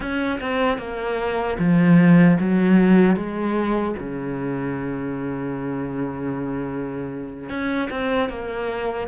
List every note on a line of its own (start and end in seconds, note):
0.00 0.39 C#4
0.40 0.78 C4
0.78 1.57 A#3
1.58 2.37 F3
2.39 3.15 F#3
3.15 3.94 G#3
3.99 7.49 C#3
7.49 7.88 C#4
7.90 8.29 C4
8.29 9.07 A#3